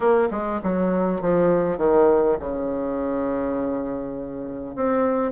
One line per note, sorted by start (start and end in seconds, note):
0.00 0.28 A#3
0.31 0.60 G#3
0.63 1.21 F#3
1.21 1.77 F3
1.77 2.37 D#3
2.39 4.75 C#3
4.75 5.31 C4